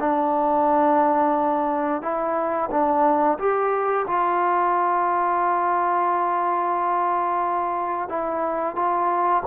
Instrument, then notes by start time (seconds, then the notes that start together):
trombone
0.00 D4
2.02 E4
2.71 D4
3.38 G4
4.07 F4
8.08 E4
8.75 F4